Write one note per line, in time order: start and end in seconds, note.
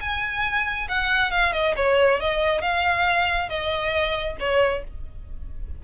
0.00 0.88 G#5
0.88 1.31 F#5
1.31 1.53 F5
1.53 1.75 D#5
1.76 2.20 C#5
2.20 2.61 D#5
2.61 3.49 F5
3.49 4.37 D#5
4.40 4.84 C#5